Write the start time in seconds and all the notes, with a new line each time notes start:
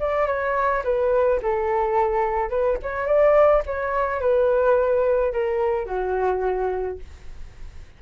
0.00 D5
0.27 C#5
0.84 B4
1.43 A4
2.50 B4
2.83 C#5
3.07 D5
3.66 C#5
4.21 B4
5.33 A#4
5.86 F#4